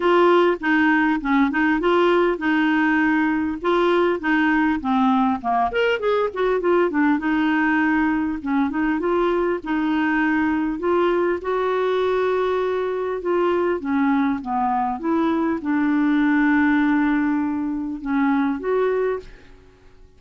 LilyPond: \new Staff \with { instrumentName = "clarinet" } { \time 4/4 \tempo 4 = 100 f'4 dis'4 cis'8 dis'8 f'4 | dis'2 f'4 dis'4 | c'4 ais8 ais'8 gis'8 fis'8 f'8 d'8 | dis'2 cis'8 dis'8 f'4 |
dis'2 f'4 fis'4~ | fis'2 f'4 cis'4 | b4 e'4 d'2~ | d'2 cis'4 fis'4 | }